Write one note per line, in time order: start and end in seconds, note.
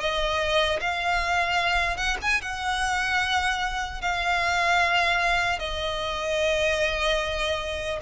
0.00 0.80 D#5
0.81 1.97 F5
1.97 2.17 F#5
2.22 2.42 G#5
2.42 4.02 F#5
4.02 5.60 F5
5.60 8.00 D#5